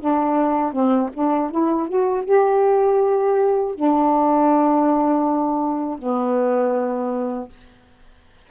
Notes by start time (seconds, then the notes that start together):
0.00 D4
0.73 C4
1.14 D4
1.51 E4
1.89 F#4
2.25 G4
3.75 D4
5.99 B3